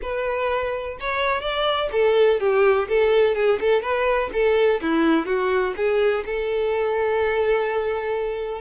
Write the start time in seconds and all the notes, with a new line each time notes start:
0.01 B4
1.00 C#5
1.41 D5
1.92 A4
2.40 G4
2.88 A4
3.35 G#4
3.60 A4
3.81 B4
4.32 A4
4.81 E4
5.25 F#4
5.76 G#4
6.25 A4